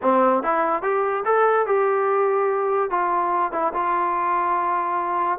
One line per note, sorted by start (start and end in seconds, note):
0.02 0.43 C4
0.43 0.82 E4
0.82 1.23 G4
1.25 1.66 A4
1.66 2.90 G4
2.90 3.52 F4
3.52 3.72 E4
3.73 5.39 F4